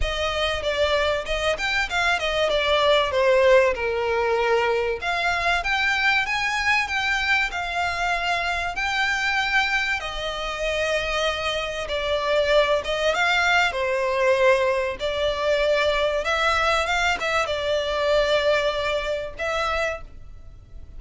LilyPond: \new Staff \with { instrumentName = "violin" } { \time 4/4 \tempo 4 = 96 dis''4 d''4 dis''8 g''8 f''8 dis''8 | d''4 c''4 ais'2 | f''4 g''4 gis''4 g''4 | f''2 g''2 |
dis''2. d''4~ | d''8 dis''8 f''4 c''2 | d''2 e''4 f''8 e''8 | d''2. e''4 | }